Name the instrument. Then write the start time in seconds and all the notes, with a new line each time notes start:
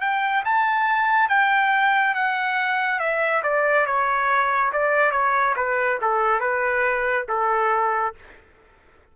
trumpet
0.00 G5
0.44 A5
1.29 G5
2.14 F#5
2.99 E5
3.43 D5
3.86 C#5
4.72 D5
5.11 C#5
5.56 B4
6.01 A4
6.40 B4
7.28 A4